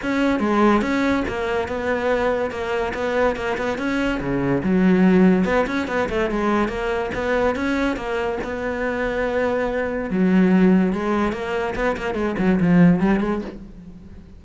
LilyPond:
\new Staff \with { instrumentName = "cello" } { \time 4/4 \tempo 4 = 143 cis'4 gis4 cis'4 ais4 | b2 ais4 b4 | ais8 b8 cis'4 cis4 fis4~ | fis4 b8 cis'8 b8 a8 gis4 |
ais4 b4 cis'4 ais4 | b1 | fis2 gis4 ais4 | b8 ais8 gis8 fis8 f4 g8 gis8 | }